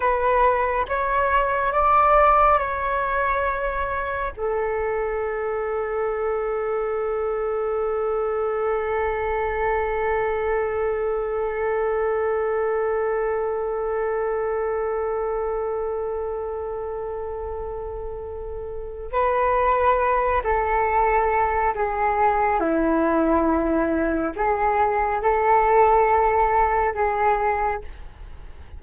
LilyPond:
\new Staff \with { instrumentName = "flute" } { \time 4/4 \tempo 4 = 69 b'4 cis''4 d''4 cis''4~ | cis''4 a'2.~ | a'1~ | a'1~ |
a'1~ | a'2 b'4. a'8~ | a'4 gis'4 e'2 | gis'4 a'2 gis'4 | }